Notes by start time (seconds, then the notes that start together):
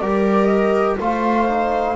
0.00 G3 G4 A#4 D5
0.46 D#5
1.00 A3 F4 C5 F5
1.48 D#4